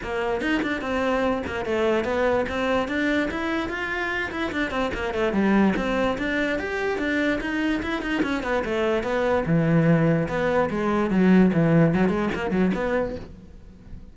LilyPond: \new Staff \with { instrumentName = "cello" } { \time 4/4 \tempo 4 = 146 ais4 dis'8 d'8 c'4. ais8 | a4 b4 c'4 d'4 | e'4 f'4. e'8 d'8 c'8 | ais8 a8 g4 c'4 d'4 |
g'4 d'4 dis'4 e'8 dis'8 | cis'8 b8 a4 b4 e4~ | e4 b4 gis4 fis4 | e4 fis8 gis8 ais8 fis8 b4 | }